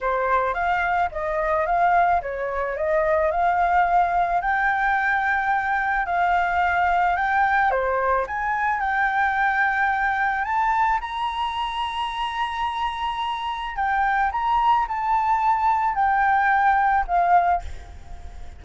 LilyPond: \new Staff \with { instrumentName = "flute" } { \time 4/4 \tempo 4 = 109 c''4 f''4 dis''4 f''4 | cis''4 dis''4 f''2 | g''2. f''4~ | f''4 g''4 c''4 gis''4 |
g''2. a''4 | ais''1~ | ais''4 g''4 ais''4 a''4~ | a''4 g''2 f''4 | }